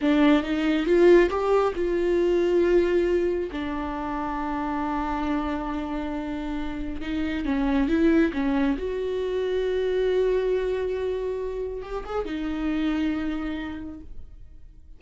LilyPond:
\new Staff \with { instrumentName = "viola" } { \time 4/4 \tempo 4 = 137 d'4 dis'4 f'4 g'4 | f'1 | d'1~ | d'1 |
dis'4 cis'4 e'4 cis'4 | fis'1~ | fis'2. g'8 gis'8 | dis'1 | }